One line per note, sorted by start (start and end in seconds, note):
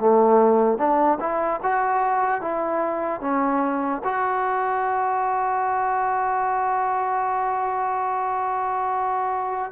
0.00 0.79 A3
0.79 1.19 D4
1.21 1.61 E4
1.63 2.42 F#4
2.42 3.21 E4
3.21 4.02 C#4
4.04 9.72 F#4